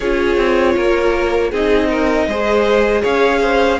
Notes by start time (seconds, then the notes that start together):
0.00 C#4 F4 G#4 C#5
0.37 C4
0.75 A#3 A#4
1.50 C4 D#4 G#4 D#5
1.89 A#4
2.27 G#3 G#4 C5
3.01 C#4 C#5 F5
3.41 C5